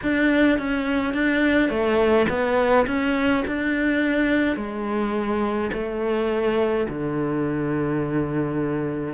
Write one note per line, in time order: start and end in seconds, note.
0.02 0.58 D4
0.58 1.14 C#4
1.14 1.69 D4
1.69 2.26 A3
2.29 2.86 B3
2.86 3.44 C#4
3.47 4.56 D4
4.56 5.70 G#3
5.72 6.87 A3
6.89 9.14 D3